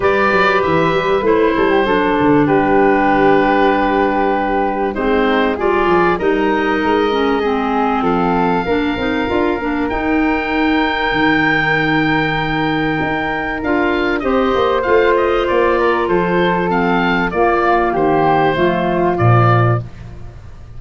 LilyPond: <<
  \new Staff \with { instrumentName = "oboe" } { \time 4/4 \tempo 4 = 97 d''4 e''4 c''2 | b'1 | c''4 d''4 dis''2~ | dis''4 f''2. |
g''1~ | g''2 f''4 dis''4 | f''8 dis''8 d''4 c''4 f''4 | d''4 c''2 d''4 | }
  \new Staff \with { instrumentName = "flute" } { \time 4/4 b'2~ b'8 a'16 g'16 a'4 | g'1 | dis'4 gis'4 ais'2 | gis'4 a'4 ais'2~ |
ais'1~ | ais'2. c''4~ | c''4. ais'8 a'2 | f'4 g'4 f'2 | }
  \new Staff \with { instrumentName = "clarinet" } { \time 4/4 g'2 e'4 d'4~ | d'1 | c'4 f'4 dis'4. cis'8 | c'2 d'8 dis'8 f'8 d'8 |
dis'1~ | dis'2 f'4 g'4 | f'2. c'4 | ais2 a4 f4 | }
  \new Staff \with { instrumentName = "tuba" } { \time 4/4 g8 fis8 e8 g8 a8 g8 fis8 d8 | g1 | gis4 g8 f8 g4 gis4~ | gis4 f4 ais8 c'8 d'8 ais8 |
dis'2 dis2~ | dis4 dis'4 d'4 c'8 ais8 | a4 ais4 f2 | ais4 dis4 f4 ais,4 | }
>>